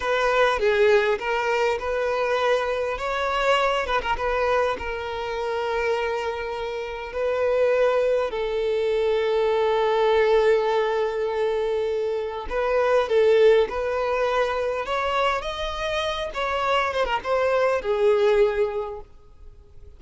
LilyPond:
\new Staff \with { instrumentName = "violin" } { \time 4/4 \tempo 4 = 101 b'4 gis'4 ais'4 b'4~ | b'4 cis''4. b'16 ais'16 b'4 | ais'1 | b'2 a'2~ |
a'1~ | a'4 b'4 a'4 b'4~ | b'4 cis''4 dis''4. cis''8~ | cis''8 c''16 ais'16 c''4 gis'2 | }